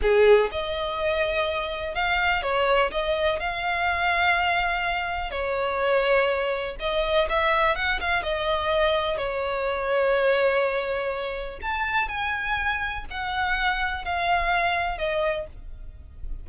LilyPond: \new Staff \with { instrumentName = "violin" } { \time 4/4 \tempo 4 = 124 gis'4 dis''2. | f''4 cis''4 dis''4 f''4~ | f''2. cis''4~ | cis''2 dis''4 e''4 |
fis''8 f''8 dis''2 cis''4~ | cis''1 | a''4 gis''2 fis''4~ | fis''4 f''2 dis''4 | }